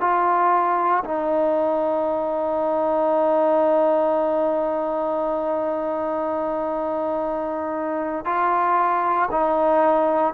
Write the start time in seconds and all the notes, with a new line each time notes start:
0.00 F4
1.04 D#4
8.25 F4
9.31 D#4